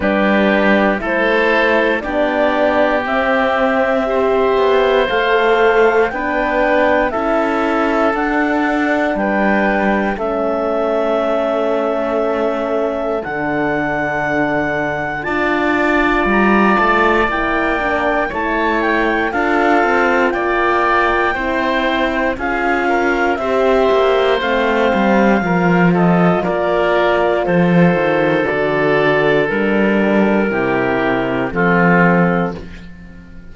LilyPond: <<
  \new Staff \with { instrumentName = "clarinet" } { \time 4/4 \tempo 4 = 59 b'4 c''4 d''4 e''4~ | e''4 f''4 g''4 e''4 | fis''4 g''4 e''2~ | e''4 fis''2 a''4 |
ais''8 a''8 g''4 a''8 g''8 f''4 | g''2 f''4 e''4 | f''4. dis''8 d''4 c''4 | d''4 ais'2 a'4 | }
  \new Staff \with { instrumentName = "oboe" } { \time 4/4 g'4 a'4 g'2 | c''2 b'4 a'4~ | a'4 b'4 a'2~ | a'2. d''4~ |
d''2 cis''4 a'4 | d''4 c''4 gis'8 ais'8 c''4~ | c''4 ais'8 a'8 ais'4 a'4~ | a'2 g'4 f'4 | }
  \new Staff \with { instrumentName = "horn" } { \time 4/4 d'4 e'4 d'4 c'4 | g'4 a'4 d'4 e'4 | d'2 cis'2~ | cis'4 d'2 f'4~ |
f'4 e'8 d'8 e'4 f'4~ | f'4 e'4 f'4 g'4 | c'4 f'2. | fis'4 d'4 e'4 c'4 | }
  \new Staff \with { instrumentName = "cello" } { \time 4/4 g4 a4 b4 c'4~ | c'8 b8 a4 b4 cis'4 | d'4 g4 a2~ | a4 d2 d'4 |
g8 a8 ais4 a4 d'8 c'8 | ais4 c'4 cis'4 c'8 ais8 | a8 g8 f4 ais4 f8 dis8 | d4 g4 c4 f4 | }
>>